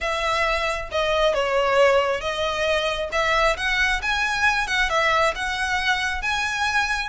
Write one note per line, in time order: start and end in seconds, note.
0.00 0.89 E5
0.91 1.34 D#5
1.34 2.20 C#5
2.20 3.09 D#5
3.12 3.56 E5
3.57 4.01 F#5
4.02 4.67 G#5
4.67 4.89 F#5
4.89 5.34 E5
5.35 6.21 F#5
6.21 7.09 G#5